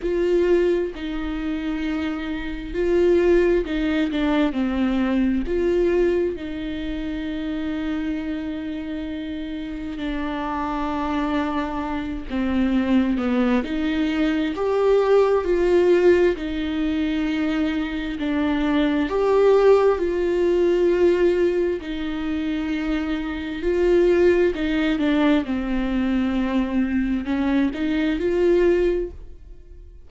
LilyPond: \new Staff \with { instrumentName = "viola" } { \time 4/4 \tempo 4 = 66 f'4 dis'2 f'4 | dis'8 d'8 c'4 f'4 dis'4~ | dis'2. d'4~ | d'4. c'4 b8 dis'4 |
g'4 f'4 dis'2 | d'4 g'4 f'2 | dis'2 f'4 dis'8 d'8 | c'2 cis'8 dis'8 f'4 | }